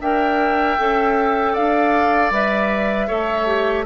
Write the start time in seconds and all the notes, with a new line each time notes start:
0.00 D4 A#4 E5 G5
0.79 C#4 A4
1.53 D4 D5 F5
2.31 G3 B4 E5
3.08 A3 A4 C#5
3.47 G4